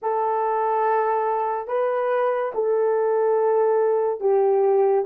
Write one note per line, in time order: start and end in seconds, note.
0.02 1.67 A4
1.67 2.52 B4
2.54 4.20 A4
4.20 5.05 G4